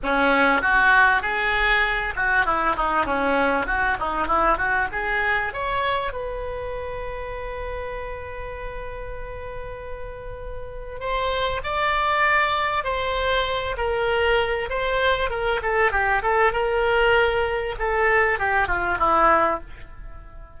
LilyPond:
\new Staff \with { instrumentName = "oboe" } { \time 4/4 \tempo 4 = 98 cis'4 fis'4 gis'4. fis'8 | e'8 dis'8 cis'4 fis'8 dis'8 e'8 fis'8 | gis'4 cis''4 b'2~ | b'1~ |
b'2 c''4 d''4~ | d''4 c''4. ais'4. | c''4 ais'8 a'8 g'8 a'8 ais'4~ | ais'4 a'4 g'8 f'8 e'4 | }